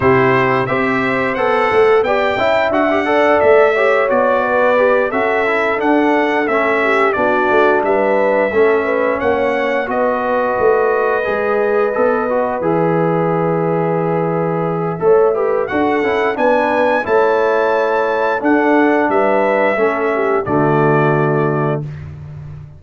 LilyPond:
<<
  \new Staff \with { instrumentName = "trumpet" } { \time 4/4 \tempo 4 = 88 c''4 e''4 fis''4 g''4 | fis''4 e''4 d''4. e''8~ | e''8 fis''4 e''4 d''4 e''8~ | e''4. fis''4 dis''4.~ |
dis''2~ dis''8 e''4.~ | e''2. fis''4 | gis''4 a''2 fis''4 | e''2 d''2 | }
  \new Staff \with { instrumentName = "horn" } { \time 4/4 g'4 c''2 d''8 e''8~ | e''8 d''4 cis''4 b'4 a'8~ | a'2 g'8 fis'4 b'8~ | b'8 a'8 b'8 cis''4 b'4.~ |
b'1~ | b'2 cis''8 b'8 a'4 | b'4 cis''2 a'4 | b'4 a'8 g'8 fis'2 | }
  \new Staff \with { instrumentName = "trombone" } { \time 4/4 e'4 g'4 a'4 g'8 e'8 | fis'16 g'16 a'4 g'8 fis'4 g'8 fis'8 | e'8 d'4 cis'4 d'4.~ | d'8 cis'2 fis'4.~ |
fis'8 gis'4 a'8 fis'8 gis'4.~ | gis'2 a'8 g'8 fis'8 e'8 | d'4 e'2 d'4~ | d'4 cis'4 a2 | }
  \new Staff \with { instrumentName = "tuba" } { \time 4/4 c4 c'4 b8 a8 b8 cis'8 | d'4 a4 b4. cis'8~ | cis'8 d'4 a4 b8 a8 g8~ | g8 a4 ais4 b4 a8~ |
a8 gis4 b4 e4.~ | e2 a4 d'8 cis'8 | b4 a2 d'4 | g4 a4 d2 | }
>>